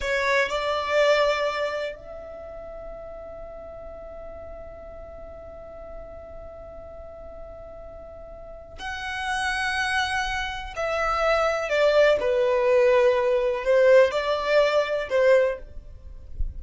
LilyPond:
\new Staff \with { instrumentName = "violin" } { \time 4/4 \tempo 4 = 123 cis''4 d''2. | e''1~ | e''1~ | e''1~ |
e''2 fis''2~ | fis''2 e''2 | d''4 b'2. | c''4 d''2 c''4 | }